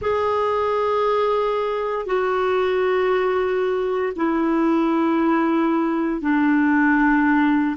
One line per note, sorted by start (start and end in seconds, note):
0.01 2.05 G#4
2.05 4.12 F#4
4.16 6.21 E4
6.21 7.76 D4